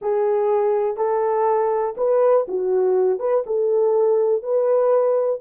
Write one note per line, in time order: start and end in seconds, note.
0.01 0.97 G#4
0.97 1.95 A4
1.97 2.46 B4
2.48 3.19 F#4
3.19 3.43 B4
3.46 4.43 A4
4.43 5.41 B4